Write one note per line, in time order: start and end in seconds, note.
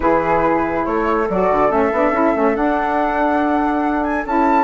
0.00 0.85 E3
0.00 1.24 E4
0.00 0.87 G#4
0.00 0.85 B4
0.85 1.29 A3
0.85 4.64 A4
0.85 1.27 C#5
1.29 1.50 F#3
1.29 1.69 F#4
1.29 1.71 D5
1.50 1.70 D3
1.69 1.91 A3
1.69 1.90 C#4
1.69 2.55 E5
1.92 2.11 B3
1.92 2.13 D4
2.11 2.32 C#4
2.11 2.34 E4
2.35 2.56 A3
2.35 2.54 C#4
2.54 4.24 D4
2.54 4.25 D4
2.54 4.03 F#5
4.03 4.25 G#5
4.25 4.64 C#4
4.25 4.64 E4
4.25 4.64 A5